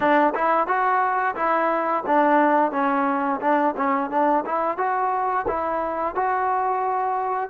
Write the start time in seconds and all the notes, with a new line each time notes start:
0.00 D4
0.34 E4
0.67 F#4
1.35 E4
2.06 D4
2.71 C#4
3.40 D4
3.77 C#4
4.10 D4
4.45 E4
4.77 F#4
5.47 E4
6.15 F#4